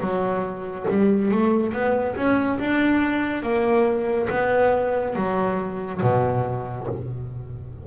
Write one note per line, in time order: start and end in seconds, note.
0.00 0.86 F#3
0.89 1.31 G3
1.31 1.72 A3
1.72 2.15 B3
2.15 2.58 C#4
2.59 3.42 D4
3.42 4.28 A#3
4.29 5.15 B3
5.15 6.01 F#3
6.01 6.87 B2